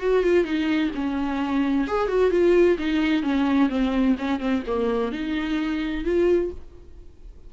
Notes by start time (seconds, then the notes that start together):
0.00 F#4
0.23 F4
0.44 D#4
0.95 C#4
1.88 G#4
2.08 F#4
2.31 F4
2.78 D#4
3.23 C#4
3.69 C4
4.18 C#4
4.40 C4
4.67 A#3
5.12 D#4
6.04 F4